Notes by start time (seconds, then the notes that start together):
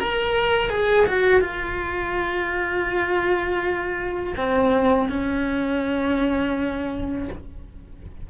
0.00 A#4
0.70 G#4
1.07 F#4
1.41 F4
4.37 C4
5.10 C#4